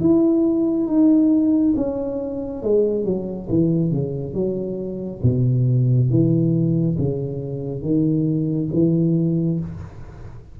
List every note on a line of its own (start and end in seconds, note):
0.00 0.87 E4
0.87 1.74 D#4
1.76 2.63 C#4
2.63 3.05 G#3
3.05 3.48 F#3
3.49 3.92 E3
3.92 4.34 C#3
4.34 5.21 F#3
5.23 6.10 B2
6.10 6.97 E3
6.98 7.82 C#3
7.82 8.69 D#3
8.73 9.60 E3